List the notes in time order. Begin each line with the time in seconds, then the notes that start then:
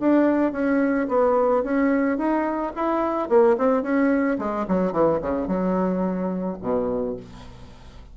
0.00 D4
0.53 C#4
1.09 B3
1.64 C#4
2.18 D#4
2.76 E4
3.30 A#3
3.58 C4
3.83 C#4
4.39 G#3
4.68 F#3
4.92 E3
5.22 C#3
5.48 F#3
6.62 B2